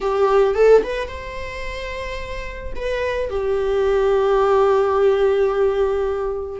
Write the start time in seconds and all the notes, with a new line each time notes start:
0.01 G4
0.54 A4
0.83 B4
1.08 C5
2.75 B4
3.30 G4